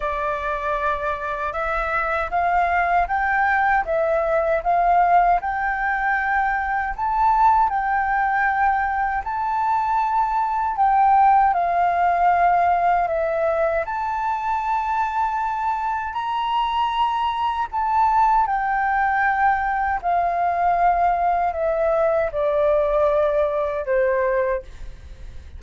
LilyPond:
\new Staff \with { instrumentName = "flute" } { \time 4/4 \tempo 4 = 78 d''2 e''4 f''4 | g''4 e''4 f''4 g''4~ | g''4 a''4 g''2 | a''2 g''4 f''4~ |
f''4 e''4 a''2~ | a''4 ais''2 a''4 | g''2 f''2 | e''4 d''2 c''4 | }